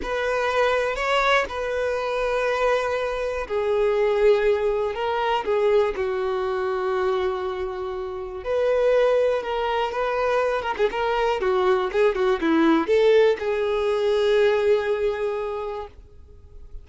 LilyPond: \new Staff \with { instrumentName = "violin" } { \time 4/4 \tempo 4 = 121 b'2 cis''4 b'4~ | b'2. gis'4~ | gis'2 ais'4 gis'4 | fis'1~ |
fis'4 b'2 ais'4 | b'4. ais'16 gis'16 ais'4 fis'4 | gis'8 fis'8 e'4 a'4 gis'4~ | gis'1 | }